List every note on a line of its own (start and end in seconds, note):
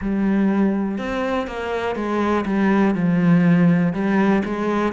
0.01 0.97 G3
0.97 1.47 C4
1.47 1.95 A#3
1.95 2.45 G#3
2.45 2.94 G3
2.94 3.93 F3
3.93 4.42 G3
4.44 4.92 G#3